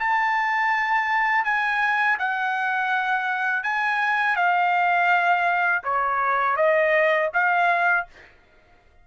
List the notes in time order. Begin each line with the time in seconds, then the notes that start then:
0.00 A5
1.45 G#5
2.19 F#5
3.64 G#5
4.36 F5
5.84 C#5
6.57 D#5
7.34 F5